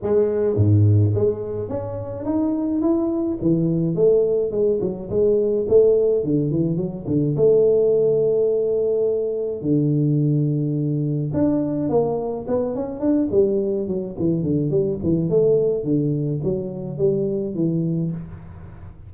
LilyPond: \new Staff \with { instrumentName = "tuba" } { \time 4/4 \tempo 4 = 106 gis4 gis,4 gis4 cis'4 | dis'4 e'4 e4 a4 | gis8 fis8 gis4 a4 d8 e8 | fis8 d8 a2.~ |
a4 d2. | d'4 ais4 b8 cis'8 d'8 g8~ | g8 fis8 e8 d8 g8 e8 a4 | d4 fis4 g4 e4 | }